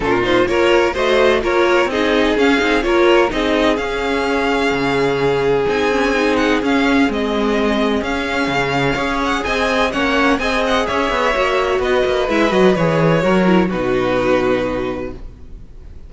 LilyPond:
<<
  \new Staff \with { instrumentName = "violin" } { \time 4/4 \tempo 4 = 127 ais'8 c''8 cis''4 dis''4 cis''4 | dis''4 f''4 cis''4 dis''4 | f''1 | gis''4. fis''8 f''4 dis''4~ |
dis''4 f''2~ f''8 fis''8 | gis''4 fis''4 gis''8 fis''8 e''4~ | e''4 dis''4 e''8 dis''8 cis''4~ | cis''4 b'2. | }
  \new Staff \with { instrumentName = "violin" } { \time 4/4 f'4 ais'4 c''4 ais'4 | gis'2 ais'4 gis'4~ | gis'1~ | gis'1~ |
gis'2. cis''4 | dis''4 cis''4 dis''4 cis''4~ | cis''4 b'2. | ais'4 fis'2. | }
  \new Staff \with { instrumentName = "viola" } { \time 4/4 cis'8 dis'8 f'4 fis'4 f'4 | dis'4 cis'8 dis'8 f'4 dis'4 | cis'1 | dis'8 cis'8 dis'4 cis'4 c'4~ |
c'4 cis'2 gis'4~ | gis'4 cis'4 gis'2 | fis'2 e'8 fis'8 gis'4 | fis'8 e'8 dis'2. | }
  \new Staff \with { instrumentName = "cello" } { \time 4/4 ais,4 ais4 a4 ais4 | c'4 cis'8 c'8 ais4 c'4 | cis'2 cis2 | c'2 cis'4 gis4~ |
gis4 cis'4 cis4 cis'4 | c'4 ais4 c'4 cis'8 b8 | ais4 b8 ais8 gis8 fis8 e4 | fis4 b,2. | }
>>